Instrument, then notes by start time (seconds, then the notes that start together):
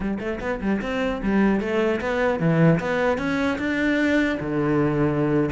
cello
0.00 G3
0.19 A3
0.40 B3
0.61 G3
0.81 C4
1.22 G3
1.60 A3
2.00 B3
2.39 E3
2.80 B3
3.18 C#4
3.58 D4
4.40 D3